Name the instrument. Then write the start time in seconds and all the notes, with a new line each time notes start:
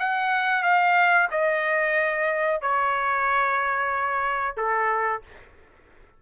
trumpet
0.00 F#5
0.63 F5
1.32 D#5
2.62 C#5
4.57 A4